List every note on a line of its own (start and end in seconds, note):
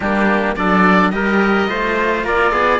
0.00 0.56 G3
0.00 0.56 A#3
0.00 0.56 D4
0.00 0.55 G4
0.55 1.12 F#3
0.55 1.12 D4
0.55 1.14 A4
0.55 1.10 D5
1.10 1.68 G3
1.10 1.67 G4
1.10 1.69 A#4
1.10 2.22 D#5
1.67 2.23 A3
1.67 2.79 F4
1.67 2.25 C5
2.23 2.52 A#3
2.23 2.52 A#4
2.23 2.79 D5
2.52 2.79 B3
2.52 2.79 G#4